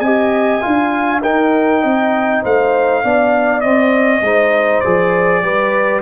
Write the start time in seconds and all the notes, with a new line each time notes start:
0.00 C4 G4 D#5 G#5
0.61 D4 F4 F5
1.22 D#4 A#4 G5
1.81 C4 D#5
2.43 A3 C5 F5
3.04 B3 D4 D5
3.60 C4 D#5
4.21 G#3 D#4 C5
4.80 F3 G#4 D5
5.42 G3 G4 B4